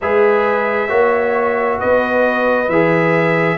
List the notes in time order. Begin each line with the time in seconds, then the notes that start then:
0.01 G#3 G#4 B4 E5
0.88 A#3 F#4 C#5
1.79 B3 B4 D#5
2.68 E3 G#4 E5